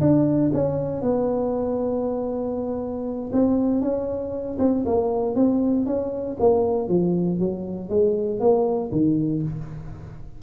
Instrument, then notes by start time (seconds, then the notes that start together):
tuba
0.00 D4
0.53 C#4
1.02 B3
3.32 C4
3.81 C#4
4.59 C4
4.86 A#3
5.35 C4
5.86 C#4
6.39 A#3
6.88 F3
7.39 F#3
7.89 G#3
8.40 A#3
8.91 D#3